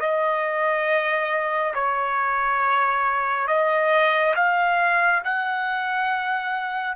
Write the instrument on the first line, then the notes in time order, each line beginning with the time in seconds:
trumpet
0.00 D#5
1.74 C#5
3.47 D#5
4.36 F5
5.24 F#5